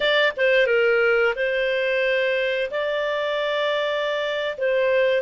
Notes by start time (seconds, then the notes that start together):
0.00 D5
0.36 C5
0.66 A#4
1.35 C5
2.71 D5
4.57 C5